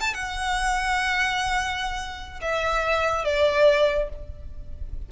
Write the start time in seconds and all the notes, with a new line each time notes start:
0.00 A5
0.14 F#5
2.41 E5
3.24 D5